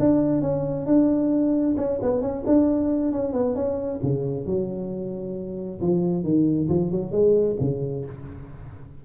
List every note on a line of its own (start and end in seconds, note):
0.00 0.42 D4
0.42 0.86 C#4
0.86 1.76 D4
1.78 2.00 C#4
2.02 2.22 B3
2.22 2.44 C#4
2.47 3.12 D4
3.12 3.33 C#4
3.33 3.56 B3
3.56 4.01 C#4
4.03 4.47 C#3
4.47 5.81 F#3
5.81 6.24 F3
6.24 6.69 D#3
6.69 6.92 F3
6.92 7.12 F#3
7.12 7.57 G#3
7.61 8.06 C#3